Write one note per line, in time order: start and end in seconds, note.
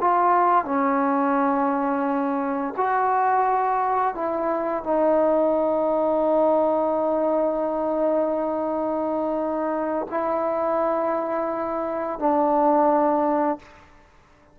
0.00 0.64 F4
0.64 2.74 C#4
2.76 4.14 F#4
4.14 4.83 E4
4.83 10.07 D#4
10.10 12.19 E4
12.19 13.58 D4